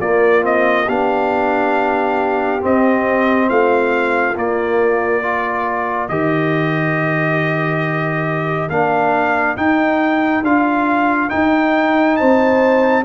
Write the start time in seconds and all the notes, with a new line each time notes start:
0.00 A#3 F4 D5
0.41 C4 D#5
0.85 B3 D4 G4 F5
2.60 C4 D#5
3.49 A3 F4 F5
4.35 A#3 D5
5.23 F4 A#4
6.08 D#3 G4 D#5
8.69 A#3 D4 F5
9.56 D#4 G5
10.43 D4 F4 F5
11.29 D#4 G5
12.16 C4 C5 A5